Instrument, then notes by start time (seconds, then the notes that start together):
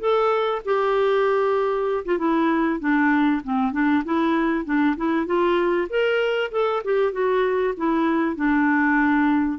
clarinet
0.00 A4
0.65 G4
2.06 F4
2.18 E4
2.80 D4
3.44 C4
3.73 D4
4.05 E4
4.65 D4
4.97 E4
5.26 F4
5.90 A#4
6.52 A4
6.84 G4
7.13 F#4
7.77 E4
8.36 D4